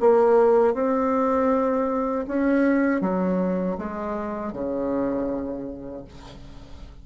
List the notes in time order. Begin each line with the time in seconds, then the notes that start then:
0.00 A#3
0.74 C4
2.27 C#4
3.01 F#3
3.78 G#3
4.52 C#3